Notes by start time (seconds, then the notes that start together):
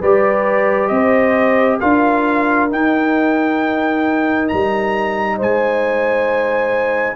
0.00 G3 G4 B4 D5
0.88 C4 C5 D#5
1.79 D4 F4 A#4 F5
2.70 D#4 G5
4.48 G3 A#5
5.37 G#3 C5 G#5